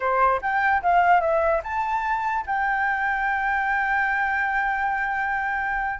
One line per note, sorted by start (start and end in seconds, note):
0.00 0.41 C5
0.41 0.82 G5
0.82 1.20 F5
1.20 1.61 E5
1.63 2.44 A5
2.46 5.99 G5